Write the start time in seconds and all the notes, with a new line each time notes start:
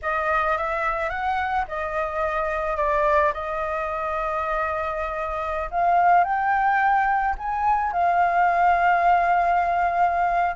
0.02 D#5
0.57 E5
1.09 F#5
1.68 D#5
2.76 D5
3.33 D#5
5.70 F5
6.23 G5
7.38 G#5
7.92 F5